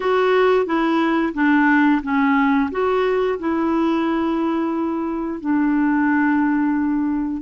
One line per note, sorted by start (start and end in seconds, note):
0.00 0.66 F#4
0.66 1.33 E4
1.34 2.01 D4
2.02 2.70 C#4
2.71 3.38 F#4
3.39 5.40 E4
5.40 7.42 D4